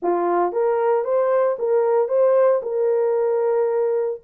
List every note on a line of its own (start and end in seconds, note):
0.02 0.52 F4
0.52 1.04 A#4
1.04 1.56 C5
1.58 2.08 A#4
2.08 2.61 C5
2.62 4.20 A#4